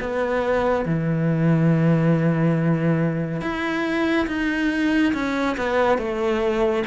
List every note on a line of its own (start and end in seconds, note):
0.00 0.85 B3
0.85 3.41 E3
3.41 4.27 E4
4.27 5.13 D#4
5.14 5.57 C#4
5.58 5.98 B3
5.98 6.84 A3